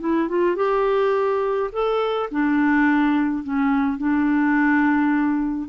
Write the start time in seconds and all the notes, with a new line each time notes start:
0.00 E4
0.29 F4
0.56 G4
1.72 A4
2.31 D4
3.43 C#4
3.98 D4